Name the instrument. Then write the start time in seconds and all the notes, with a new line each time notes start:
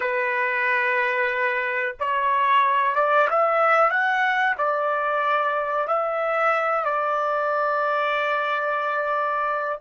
trumpet
0.00 B4
1.99 C#5
2.95 D5
3.30 E5
3.90 F#5
4.57 D5
5.87 E5
6.84 D5